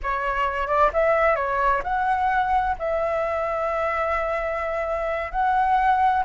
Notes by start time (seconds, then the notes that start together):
0.02 C#5
0.67 D5
0.93 E5
1.35 C#5
1.83 F#5
2.78 E5
5.31 F#5